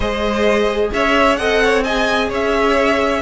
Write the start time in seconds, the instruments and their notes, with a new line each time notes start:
0.00 cello G#3, viola G#4, violin C5 D#5
0.93 cello C#4, violin C#5 E5
1.36 cello C4, viola A4, violin D#5 F#5
1.63 violin C#5
1.83 viola G#4, violin D#5 G#5
2.28 cello C#4, violin C#5 E5